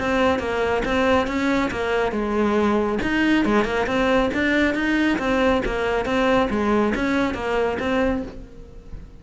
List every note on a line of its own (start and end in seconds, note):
0.00 0.39 C4
0.39 0.83 A#3
0.85 1.27 C4
1.27 1.71 C#4
1.71 2.12 A#3
2.12 2.99 G#3
3.02 3.45 D#4
3.45 3.65 G#3
3.65 3.86 A#3
3.87 4.30 C4
4.34 4.75 D4
4.75 5.19 D#4
5.19 5.62 C4
5.66 6.06 A#3
6.06 6.49 C4
6.50 6.94 G#3
6.95 7.35 C#4
7.35 7.78 A#3
7.79 8.23 C4